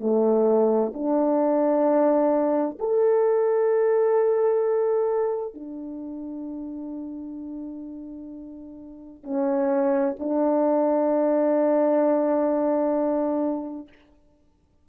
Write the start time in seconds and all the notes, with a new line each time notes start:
0.00 A3
0.94 D4
2.79 A4
5.54 D4
9.24 C#4
10.20 D4